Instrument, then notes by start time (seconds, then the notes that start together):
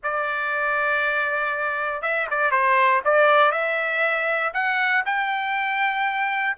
trumpet
0.03 D5
2.02 E5
2.30 D5
2.51 C5
3.04 D5
3.51 E5
4.53 F#5
5.05 G5